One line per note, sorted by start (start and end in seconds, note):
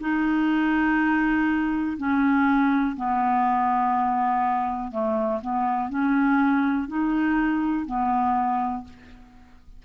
0.00 1.97 D#4
1.97 2.96 C#4
2.96 4.91 B3
4.91 5.41 A3
5.41 5.89 B3
5.89 6.88 C#4
6.88 7.86 D#4
7.86 8.84 B3